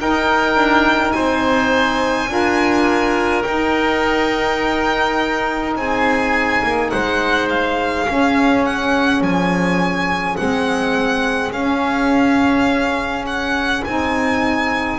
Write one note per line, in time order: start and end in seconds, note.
0.00 2.28 D#4
0.00 0.56 D#4
0.00 1.15 A#4
0.00 1.12 G5
0.56 1.13 D4
1.12 2.29 C4
1.12 2.31 C5
1.12 3.43 G#5
2.28 3.44 D4
2.28 3.44 F4
2.28 5.78 A#4
3.43 5.76 D#4
3.43 8.07 D#4
3.43 5.74 G5
5.76 6.63 C4
5.76 6.92 G#4
5.76 6.91 G#5
6.64 6.93 A#3
6.91 8.09 G#3
6.91 8.06 C5
6.91 7.48 F#5
7.50 8.65 F5
8.06 10.37 C#4
8.06 9.21 C#4
8.06 14.98 G#4
8.65 9.23 F#5
9.21 10.37 F3
9.21 10.37 G#5
10.37 11.52 G#3
10.37 11.53 C4
10.37 11.52 F#5
11.52 13.83 C#4
11.52 13.86 C#4
11.52 13.26 F5
13.27 13.85 F#5
13.85 14.99 C4
13.85 14.99 D#4
13.85 14.99 G#5